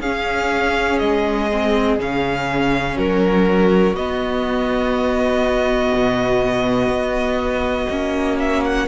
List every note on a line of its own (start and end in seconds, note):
0.00 0.98 C#4
0.00 1.50 C#4
0.00 2.95 G#4
0.00 0.99 F5
0.99 1.99 G#3
0.99 1.97 D#5
1.51 1.99 C4
1.99 2.97 C#3
1.99 3.96 C#4
1.99 2.98 F5
2.95 3.93 F#3
2.95 8.86 F#4
2.95 3.96 A#4
3.93 5.90 B3
3.93 7.89 B3
3.93 8.39 D#5
5.94 6.89 B2
6.89 7.87 B3
7.89 8.87 A#3
7.89 8.87 C#4
8.39 8.64 E5
8.64 8.87 F#5